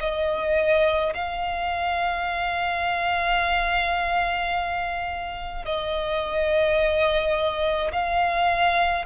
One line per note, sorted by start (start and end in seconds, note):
0.00 1.13 D#5
1.15 5.66 F5
5.66 7.92 D#5
7.92 9.06 F5